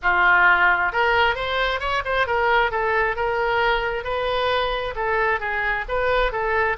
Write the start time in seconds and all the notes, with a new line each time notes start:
0.02 F4
0.92 A#4
1.35 C5
1.80 C#5
2.04 C5
2.27 A#4
2.71 A4
3.16 A#4
4.04 B4
4.95 A4
5.40 G#4
5.88 B4
6.32 A4